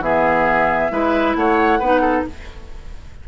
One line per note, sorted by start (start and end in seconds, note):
0.00 0.90 E3
0.00 0.90 B3
0.00 0.92 G#4
0.00 1.35 E5
0.90 1.35 G#3
0.90 1.80 E4
0.90 1.37 B4
1.35 1.80 A3
1.35 1.79 C#5
1.35 2.24 F#5
1.79 2.24 B3
1.79 2.28 D#4
1.79 2.01 B4
2.01 2.24 A4